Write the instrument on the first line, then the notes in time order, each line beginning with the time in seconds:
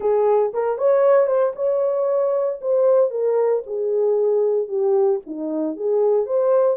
horn
0.00 G#4
0.53 A#4
0.78 C#5
1.26 C5
1.55 C#5
2.61 C5
3.10 A#4
3.66 G#4
4.68 G4
5.26 D#4
5.76 G#4
6.26 C5